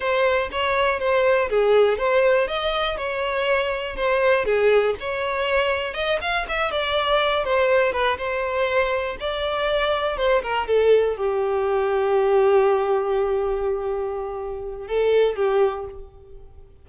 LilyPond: \new Staff \with { instrumentName = "violin" } { \time 4/4 \tempo 4 = 121 c''4 cis''4 c''4 gis'4 | c''4 dis''4 cis''2 | c''4 gis'4 cis''2 | dis''8 f''8 e''8 d''4. c''4 |
b'8 c''2 d''4.~ | d''8 c''8 ais'8 a'4 g'4.~ | g'1~ | g'2 a'4 g'4 | }